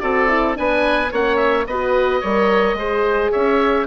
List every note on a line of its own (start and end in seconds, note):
0.00 0.57 C4
0.00 0.28 F#4
0.00 0.57 A4
0.00 0.55 D5
0.28 0.54 E4
0.54 1.12 B3
0.54 1.09 D4
0.54 1.11 B4
0.54 1.12 G#5
1.11 1.66 A#3
1.11 1.67 C#4
1.11 1.66 C#5
1.11 1.36 F#5
1.36 1.64 E5
1.66 2.21 B3
1.66 2.23 F#4
1.66 2.20 B4
1.66 3.32 D#5
2.20 2.74 G3
2.20 2.78 A#4
2.20 2.75 C#5
2.74 3.29 G#3
2.74 3.86 G#4
2.74 3.31 C5
3.31 3.86 C#4
3.31 3.86 C#5
3.31 3.86 E5